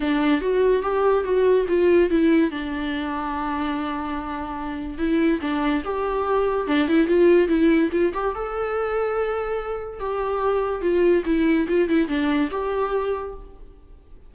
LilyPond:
\new Staff \with { instrumentName = "viola" } { \time 4/4 \tempo 4 = 144 d'4 fis'4 g'4 fis'4 | f'4 e'4 d'2~ | d'1 | e'4 d'4 g'2 |
d'8 e'8 f'4 e'4 f'8 g'8 | a'1 | g'2 f'4 e'4 | f'8 e'8 d'4 g'2 | }